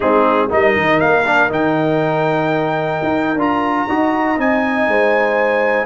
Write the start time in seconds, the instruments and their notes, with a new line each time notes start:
0.00 tuba G#3, trombone C4, horn D#4, trumpet G#4
0.49 tuba G3, trombone D#4, horn A#4, trumpet D#5
0.76 tuba D#3
1.00 tuba A#3, trumpet F5
1.24 trombone D4
1.48 tuba D#3, trombone D#4, trumpet G5
3.03 tuba D#4
3.35 tuba D4, trombone F4, trumpet A#5
3.88 tuba D#4, trombone F#4, horn D#5
4.37 tuba C4, trombone D#4, trumpet G#5
4.87 tuba G#3, horn C5